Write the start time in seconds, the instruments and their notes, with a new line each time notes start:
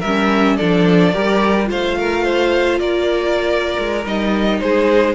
0.00 cello G3, violin A#4 E5
0.07 viola C#4
0.57 cello F3, viola D4, violin A4 D5
1.12 cello G3, viola G4, violin A#4
1.65 cello A3, viola F4, violin C5 F5
1.98 violin A#4
2.24 violin C5
2.80 cello A#3, violin A#4 D5
3.78 cello G#3
4.05 cello G3, viola D#4, violin D#5
4.60 cello G#3, violin G#4 C5